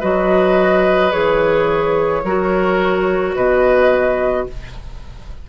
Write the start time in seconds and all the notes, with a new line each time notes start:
0.00 F#3 F#4 B4 D#5
1.11 E3 G#4 C#5
2.23 F#3 F#4 A#4
3.35 B2 B4 D#5